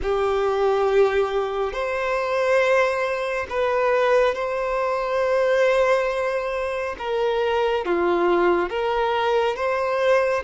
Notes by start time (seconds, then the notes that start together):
0.02 G4
1.72 C5
3.49 B4
4.34 C5
6.98 A#4
7.85 F4
8.69 A#4
9.56 C5